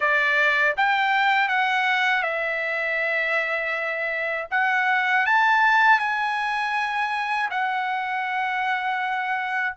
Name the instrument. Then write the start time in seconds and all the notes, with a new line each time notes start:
trumpet
0.00 D5
0.77 G5
1.48 F#5
2.22 E5
4.50 F#5
5.26 A5
5.99 G#5
7.50 F#5